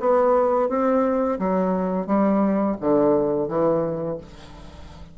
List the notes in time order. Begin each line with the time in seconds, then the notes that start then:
0.00 B3
0.69 C4
1.39 F#3
2.07 G3
2.81 D3
3.49 E3